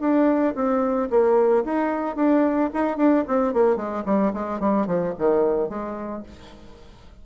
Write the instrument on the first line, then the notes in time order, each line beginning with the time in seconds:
bassoon
0.00 D4
0.55 C4
1.10 A#3
1.65 D#4
2.16 D4
2.73 D#4
2.97 D4
3.27 C4
3.53 A#3
3.76 G#3
4.05 G3
4.33 G#3
4.59 G3
4.86 F3
5.18 D#3
5.69 G#3